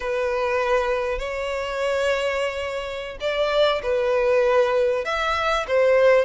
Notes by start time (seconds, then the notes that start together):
0.00 B4
1.18 C#5
3.20 D5
3.82 B4
5.04 E5
5.67 C5